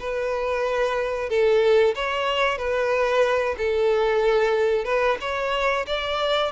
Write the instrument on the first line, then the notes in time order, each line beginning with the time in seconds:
violin
0.00 B4
1.30 A4
1.95 C#5
2.58 B4
3.58 A4
4.85 B4
5.21 C#5
5.87 D5